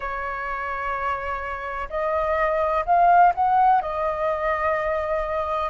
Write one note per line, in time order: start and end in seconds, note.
0.00 1.88 C#5
1.89 2.84 D#5
2.85 3.33 F5
3.35 3.81 F#5
3.81 5.69 D#5